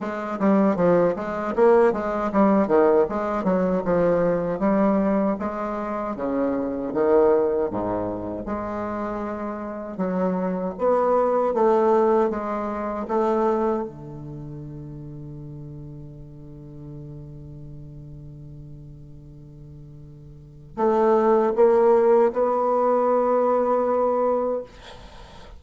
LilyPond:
\new Staff \with { instrumentName = "bassoon" } { \time 4/4 \tempo 4 = 78 gis8 g8 f8 gis8 ais8 gis8 g8 dis8 | gis8 fis8 f4 g4 gis4 | cis4 dis4 gis,4 gis4~ | gis4 fis4 b4 a4 |
gis4 a4 d2~ | d1~ | d2. a4 | ais4 b2. | }